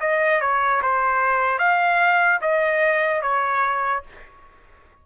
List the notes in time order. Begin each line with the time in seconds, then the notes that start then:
0.00 D#5
0.41 C#5
0.82 C5
1.58 F5
2.41 D#5
3.21 C#5